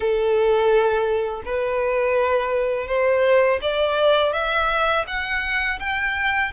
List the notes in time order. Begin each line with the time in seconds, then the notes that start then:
0.00 A4
1.45 B4
2.87 C5
3.61 D5
4.32 E5
5.07 F#5
5.79 G5